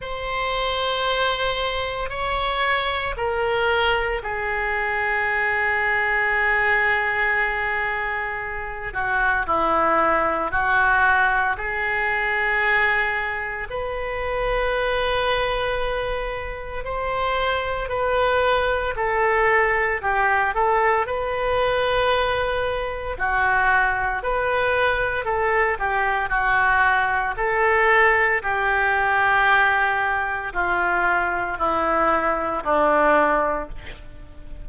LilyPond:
\new Staff \with { instrumentName = "oboe" } { \time 4/4 \tempo 4 = 57 c''2 cis''4 ais'4 | gis'1~ | gis'8 fis'8 e'4 fis'4 gis'4~ | gis'4 b'2. |
c''4 b'4 a'4 g'8 a'8 | b'2 fis'4 b'4 | a'8 g'8 fis'4 a'4 g'4~ | g'4 f'4 e'4 d'4 | }